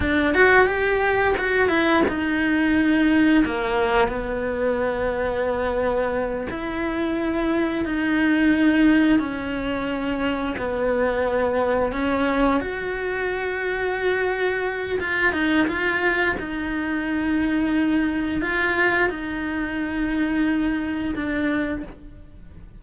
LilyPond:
\new Staff \with { instrumentName = "cello" } { \time 4/4 \tempo 4 = 88 d'8 fis'8 g'4 fis'8 e'8 dis'4~ | dis'4 ais4 b2~ | b4. e'2 dis'8~ | dis'4. cis'2 b8~ |
b4. cis'4 fis'4.~ | fis'2 f'8 dis'8 f'4 | dis'2. f'4 | dis'2. d'4 | }